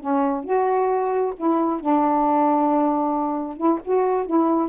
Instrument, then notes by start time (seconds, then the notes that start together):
saxophone
0.00 C#4
0.44 F#4
1.37 E4
1.81 D4
3.57 E4
3.85 F#4
4.26 E4